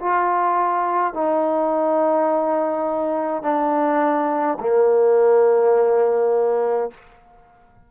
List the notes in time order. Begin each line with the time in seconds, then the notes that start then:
0.00 F4
1.14 D#4
3.42 D4
4.60 A#3